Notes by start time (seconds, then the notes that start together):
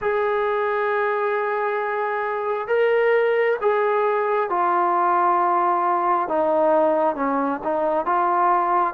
0.01 G#4
2.67 A#4
3.61 G#4
4.49 F4
6.28 D#4
7.15 C#4
7.63 D#4
8.05 F4